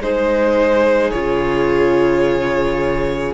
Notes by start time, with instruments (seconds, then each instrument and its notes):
0.00 cello G#3, viola D#4, violin G#4 C5
1.11 cello C#3, viola F4, violin C#5